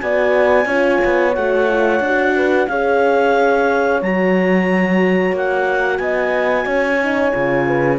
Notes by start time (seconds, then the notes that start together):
0.00 B3 F#4 D5 G#5
0.66 C#4 F4 C#5
1.05 B3
1.35 A3 F#4 F#5
1.69 F4
2.00 D4 F#4
2.36 B4
2.67 C#4 G#4 C#5 F5
4.02 F#3 F#4 A#5
5.32 A#3 F#5
5.98 B3 D#5 G#5
6.65 C#4 C#5
7.02 D#4
7.31 C#3 F4
7.67 B4